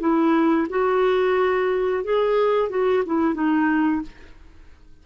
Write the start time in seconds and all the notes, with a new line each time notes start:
0.00 E4
0.70 F#4
2.04 G#4
2.70 F#4
3.06 E4
3.34 D#4